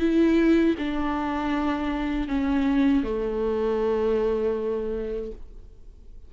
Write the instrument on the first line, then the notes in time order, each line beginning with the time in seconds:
viola
0.00 E4
0.79 D4
2.29 C#4
3.04 A3